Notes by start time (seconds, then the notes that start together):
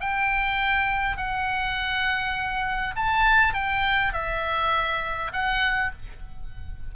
0.00 G5
1.17 F#5
2.95 A5
3.54 G5
4.13 E5
5.32 F#5